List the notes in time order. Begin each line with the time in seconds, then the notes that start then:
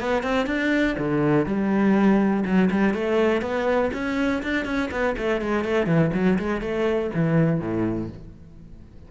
0.00 B3
0.23 C4
0.47 D4
0.99 D3
1.46 G3
2.45 F#3
2.71 G3
2.94 A3
3.42 B3
3.94 C#4
4.43 D4
4.65 C#4
4.91 B3
5.18 A3
5.41 G#3
5.64 A3
5.87 E3
6.14 F#3
6.39 G#3
6.61 A3
7.14 E3
7.60 A2